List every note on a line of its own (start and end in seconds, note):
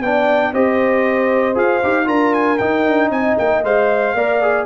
0.00 0.52 B3
0.00 0.54 D4
0.00 0.53 D5
0.00 0.53 G5
0.52 1.55 C4
0.52 1.54 G4
0.52 2.06 C5
0.52 1.57 D#5
1.54 1.81 F4
1.54 1.80 G#4
1.54 2.08 F5
1.83 2.07 D#4
1.83 2.05 G4
2.05 2.59 D4
2.05 2.57 F4
2.05 3.09 A#4
2.05 2.33 A#5
2.33 2.58 G#5
2.58 2.85 D#4
2.58 3.64 D#4
2.58 3.09 G5
2.85 3.10 D4
3.10 3.36 C4
3.10 4.15 D#5
3.10 3.37 G#5
3.38 3.64 A#3
3.38 3.64 G5
3.64 4.14 G#3
3.64 4.15 C5
3.64 4.65 F5
4.14 4.65 A#3
4.14 4.42 A#4
4.14 4.65 D5
4.42 4.65 G#4